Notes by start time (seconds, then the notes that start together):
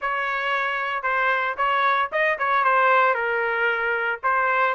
0.01 C#5
1.02 C5
1.57 C#5
2.11 D#5
2.38 C#5
2.64 C5
3.14 A#4
4.23 C5